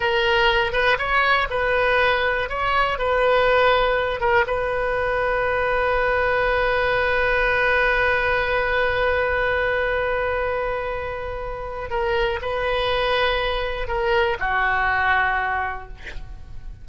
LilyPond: \new Staff \with { instrumentName = "oboe" } { \time 4/4 \tempo 4 = 121 ais'4. b'8 cis''4 b'4~ | b'4 cis''4 b'2~ | b'8 ais'8 b'2.~ | b'1~ |
b'1~ | b'1 | ais'4 b'2. | ais'4 fis'2. | }